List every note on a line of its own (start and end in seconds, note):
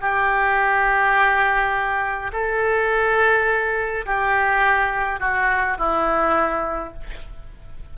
0.00 2.31 G4
2.32 4.05 A4
4.05 5.19 G4
5.19 5.77 F#4
5.78 6.93 E4